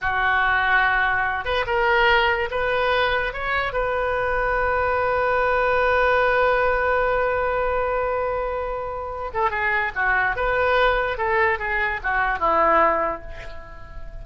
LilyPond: \new Staff \with { instrumentName = "oboe" } { \time 4/4 \tempo 4 = 145 fis'2.~ fis'8 b'8 | ais'2 b'2 | cis''4 b'2.~ | b'1~ |
b'1~ | b'2~ b'8 a'8 gis'4 | fis'4 b'2 a'4 | gis'4 fis'4 e'2 | }